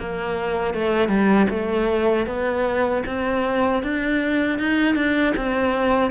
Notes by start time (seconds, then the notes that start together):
0.00 A#3
0.74 A3
1.09 G3
1.50 A3
2.27 B3
3.07 C4
3.83 D4
4.59 D#4
4.96 D4
5.37 C4